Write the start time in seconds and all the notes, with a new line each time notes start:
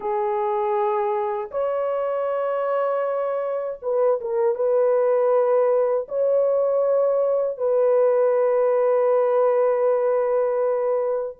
0.00 G#4
1.51 C#5
3.81 B4
4.20 A#4
4.55 B4
6.08 C#5
7.57 B4